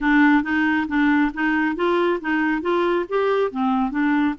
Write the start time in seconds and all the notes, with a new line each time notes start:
0.01 D4
0.43 D#4
0.88 D4
1.34 D#4
1.75 F4
2.20 D#4
2.61 F4
3.09 G4
3.51 C4
3.90 D4